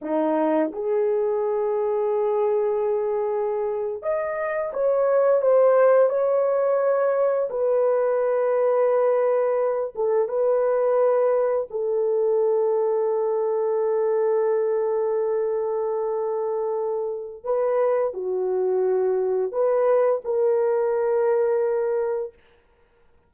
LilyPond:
\new Staff \with { instrumentName = "horn" } { \time 4/4 \tempo 4 = 86 dis'4 gis'2.~ | gis'4.~ gis'16 dis''4 cis''4 c''16~ | c''8. cis''2 b'4~ b'16~ | b'2~ b'16 a'8 b'4~ b'16~ |
b'8. a'2.~ a'16~ | a'1~ | a'4 b'4 fis'2 | b'4 ais'2. | }